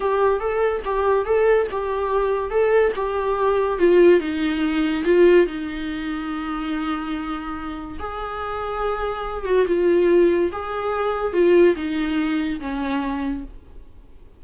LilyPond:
\new Staff \with { instrumentName = "viola" } { \time 4/4 \tempo 4 = 143 g'4 a'4 g'4 a'4 | g'2 a'4 g'4~ | g'4 f'4 dis'2 | f'4 dis'2.~ |
dis'2. gis'4~ | gis'2~ gis'8 fis'8 f'4~ | f'4 gis'2 f'4 | dis'2 cis'2 | }